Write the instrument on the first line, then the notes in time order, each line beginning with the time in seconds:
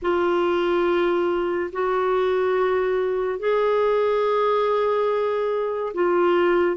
clarinet
0.02 F4
1.72 F#4
3.39 G#4
5.94 F4